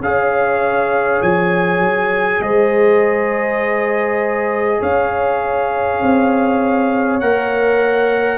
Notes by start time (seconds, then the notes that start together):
0.00 C#4 G#4 C#5 F5
1.22 F3 G#5
1.79 F#3
2.40 G#3 C5 D#5
4.80 C#4 C#5 F5
6.03 C4
7.20 A#3 A#4 F#5